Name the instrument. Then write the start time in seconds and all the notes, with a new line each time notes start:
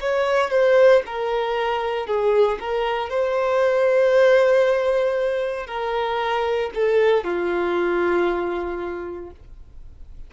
violin
0.00 C#5
0.50 C5
1.06 A#4
2.06 G#4
2.60 A#4
3.09 C5
5.67 A#4
6.74 A4
7.24 F4